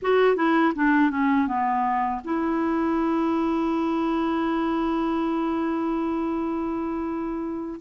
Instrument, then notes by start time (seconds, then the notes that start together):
clarinet
0.02 F#4
0.36 E4
0.75 D4
1.10 C#4
1.47 B3
2.24 E4